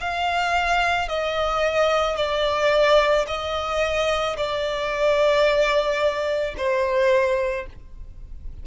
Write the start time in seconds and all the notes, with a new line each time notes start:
0.00 F5
1.09 D#5
2.16 D5
3.27 D#5
4.36 D5
6.57 C5